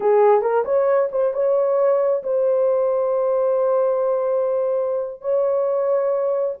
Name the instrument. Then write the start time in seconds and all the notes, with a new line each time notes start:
horn
0.00 G#4
0.41 A#4
0.64 C#5
1.11 C5
1.33 C#5
2.23 C5
5.21 C#5